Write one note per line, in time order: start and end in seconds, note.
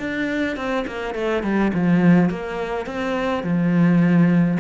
0.00 0.57 D4
0.57 0.86 C4
0.87 1.15 A#3
1.15 1.44 A3
1.44 1.72 G3
1.74 2.30 F3
2.30 2.87 A#3
2.87 3.44 C4
3.44 4.58 F3